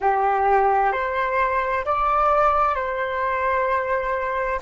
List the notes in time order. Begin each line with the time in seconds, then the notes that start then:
0.00 G4
0.92 C5
1.85 D5
2.75 C5